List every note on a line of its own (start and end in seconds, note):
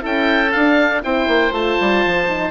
0.00 0.54 C#4
0.00 0.50 E4
0.00 1.02 A4
0.00 0.52 G5
0.52 1.04 D4
0.52 1.02 D4
0.52 1.02 F5
1.02 1.27 C4
1.02 1.52 E4
1.02 2.50 C5
1.02 1.54 G5
1.27 1.52 A#3
1.52 1.77 A3
1.52 2.27 F4
1.52 2.50 A5
1.81 2.05 G3
2.05 2.50 F3
2.29 2.50 D#4